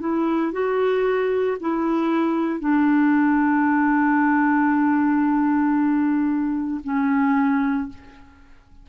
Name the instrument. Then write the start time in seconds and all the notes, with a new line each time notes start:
clarinet
0.00 E4
0.52 F#4
1.60 E4
2.60 D4
6.84 C#4